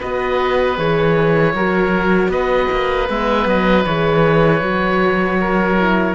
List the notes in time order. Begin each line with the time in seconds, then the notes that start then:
0.00 B3 F#4 B4 D#5
0.77 E3 G#4 C#5
1.54 F#3 F#4 A#4
2.29 B3 B4 D#5
2.71 A#3
3.10 G#3 B3 E5
3.47 F#3 D#5
3.85 E3 G#4 C#5
4.61 F#3 F#4
5.41 A#4
5.79 E4